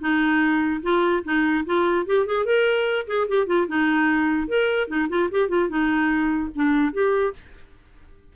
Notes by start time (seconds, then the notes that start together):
0.00 D#4
0.83 F4
1.24 D#4
1.66 F4
2.06 G4
2.26 G#4
2.45 A#4
3.07 G#4
3.28 G4
3.47 F4
3.68 D#4
4.48 A#4
4.88 D#4
5.09 F4
5.31 G4
5.49 F4
5.69 D#4
6.55 D4
6.93 G4